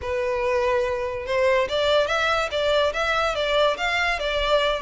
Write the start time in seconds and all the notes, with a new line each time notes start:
0.01 B4
1.26 C5
1.68 D5
2.07 E5
2.51 D5
2.93 E5
3.35 D5
3.77 F5
4.19 D5